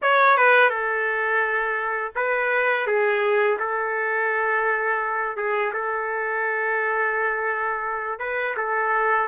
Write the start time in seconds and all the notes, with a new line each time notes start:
0.02 C#5
0.37 B4
0.69 A4
2.15 B4
2.86 G#4
3.59 A4
5.36 G#4
5.73 A4
8.19 B4
8.56 A4